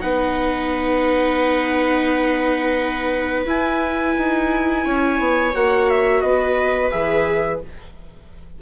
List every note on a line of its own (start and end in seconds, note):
0.00 3.46 B3
0.00 3.45 D#4
0.00 4.84 B4
0.00 3.46 F#5
3.46 4.15 E4
3.46 5.53 E4
3.46 5.55 G#5
4.18 4.85 D#4
4.84 5.19 C#4
4.84 6.22 C#5
5.19 5.54 B3
5.53 6.22 A#3
5.53 6.91 F#4
5.53 5.90 F#5
5.90 6.21 E5
6.21 6.91 B3
6.21 7.60 B4
6.21 6.90 D#5
6.91 7.62 E3
6.91 7.60 G#4
6.91 7.60 E5